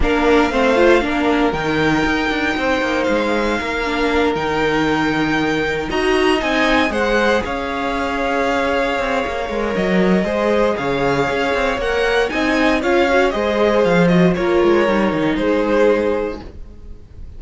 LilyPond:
<<
  \new Staff \with { instrumentName = "violin" } { \time 4/4 \tempo 4 = 117 f''2. g''4~ | g''2 f''2~ | f''8 g''2. ais''8~ | ais''8 gis''4 fis''4 f''4.~ |
f''2. dis''4~ | dis''4 f''2 fis''4 | gis''4 f''4 dis''4 f''8 dis''8 | cis''2 c''2 | }
  \new Staff \with { instrumentName = "violin" } { \time 4/4 ais'4 c''4 ais'2~ | ais'4 c''2 ais'4~ | ais'2.~ ais'8 dis''8~ | dis''4. c''4 cis''4.~ |
cis''1 | c''4 cis''2. | dis''4 cis''4 c''2 | ais'2 gis'2 | }
  \new Staff \with { instrumentName = "viola" } { \time 4/4 d'4 c'8 f'8 d'4 dis'4~ | dis'2.~ dis'8 d'8~ | d'8 dis'2. fis'8~ | fis'8 dis'4 gis'2~ gis'8~ |
gis'2~ gis'8 ais'4. | gis'2. ais'4 | dis'4 f'8 fis'8 gis'4. fis'8 | f'4 dis'2. | }
  \new Staff \with { instrumentName = "cello" } { \time 4/4 ais4 a4 ais4 dis4 | dis'8 d'8 c'8 ais8 gis4 ais4~ | ais8 dis2. dis'8~ | dis'8 c'4 gis4 cis'4.~ |
cis'4. c'8 ais8 gis8 fis4 | gis4 cis4 cis'8 c'8 ais4 | c'4 cis'4 gis4 f4 | ais8 gis8 g8 dis8 gis2 | }
>>